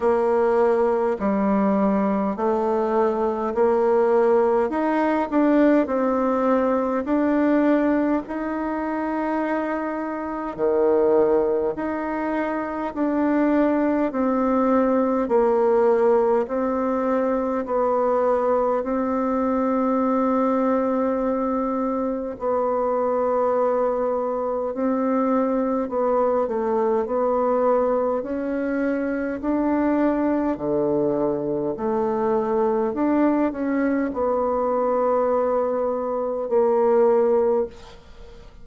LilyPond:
\new Staff \with { instrumentName = "bassoon" } { \time 4/4 \tempo 4 = 51 ais4 g4 a4 ais4 | dis'8 d'8 c'4 d'4 dis'4~ | dis'4 dis4 dis'4 d'4 | c'4 ais4 c'4 b4 |
c'2. b4~ | b4 c'4 b8 a8 b4 | cis'4 d'4 d4 a4 | d'8 cis'8 b2 ais4 | }